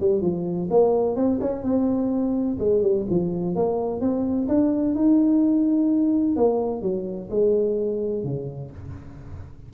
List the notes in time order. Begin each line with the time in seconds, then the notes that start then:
0.00 G3
0.21 F3
0.70 A#3
1.16 C4
1.40 C#4
1.63 C4
2.59 G#3
2.82 G3
3.10 F3
3.55 A#3
4.01 C4
4.48 D4
4.95 D#4
6.36 A#3
6.82 F#3
7.30 G#3
8.24 C#3